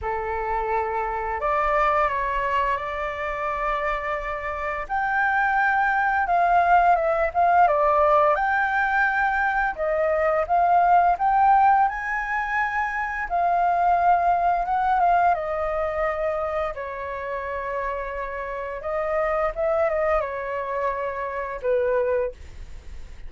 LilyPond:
\new Staff \with { instrumentName = "flute" } { \time 4/4 \tempo 4 = 86 a'2 d''4 cis''4 | d''2. g''4~ | g''4 f''4 e''8 f''8 d''4 | g''2 dis''4 f''4 |
g''4 gis''2 f''4~ | f''4 fis''8 f''8 dis''2 | cis''2. dis''4 | e''8 dis''8 cis''2 b'4 | }